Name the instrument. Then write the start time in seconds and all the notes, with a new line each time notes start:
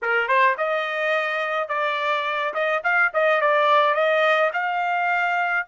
trumpet
0.02 A#4
0.28 C5
0.57 D#5
1.68 D5
2.53 D#5
2.83 F5
3.13 D#5
3.41 D5
3.94 D#5
4.53 F5